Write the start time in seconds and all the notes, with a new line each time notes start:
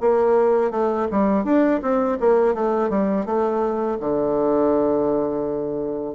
0.00 A#3
0.70 A3
1.11 G3
1.44 D4
1.81 C4
2.19 A#3
2.54 A3
2.89 G3
3.25 A3
4.00 D3